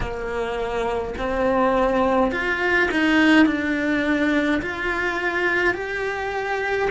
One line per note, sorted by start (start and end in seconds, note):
0.00 1.14 A#3
1.17 2.31 C4
2.31 2.89 F4
2.91 3.46 D#4
3.46 4.61 D4
4.62 5.74 F4
5.74 6.89 G4